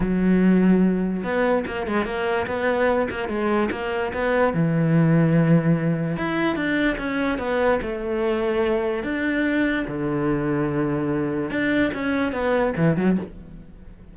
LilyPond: \new Staff \with { instrumentName = "cello" } { \time 4/4 \tempo 4 = 146 fis2. b4 | ais8 gis8 ais4 b4. ais8 | gis4 ais4 b4 e4~ | e2. e'4 |
d'4 cis'4 b4 a4~ | a2 d'2 | d1 | d'4 cis'4 b4 e8 fis8 | }